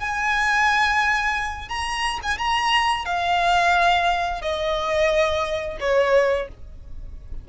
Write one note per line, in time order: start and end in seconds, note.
0.00 1.69 G#5
1.69 2.20 A#5
2.23 2.38 G#5
2.38 3.06 A#5
3.06 4.42 F5
4.42 5.78 D#5
5.80 6.48 C#5